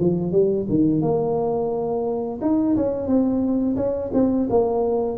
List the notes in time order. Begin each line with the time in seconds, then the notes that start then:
0.00 F3
0.32 G3
0.69 D#3
1.02 A#3
2.42 D#4
2.76 C#4
3.07 C4
3.76 C#4
4.14 C4
4.50 A#3